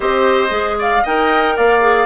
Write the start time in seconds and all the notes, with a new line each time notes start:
0.00 C4 G4 C5 D#5
0.49 G#3 G#4
0.78 D5 F5
1.02 D#4 A#4 D#5 G5
1.56 A#3 D5 F5
1.80 G#4